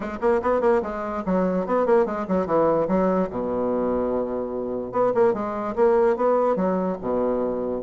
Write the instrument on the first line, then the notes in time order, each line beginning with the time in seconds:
bassoon
0.00 G#3
0.20 A#3
0.41 B3
0.61 A#3
0.82 G#3
1.25 F#3
1.66 B3
1.85 A#3
2.05 G#3
2.28 F#3
2.46 E3
2.88 F#3
3.30 B2
4.92 B3
5.14 A#3
5.33 G#3
5.75 A#3
6.16 B3
6.56 F#3
7.01 B2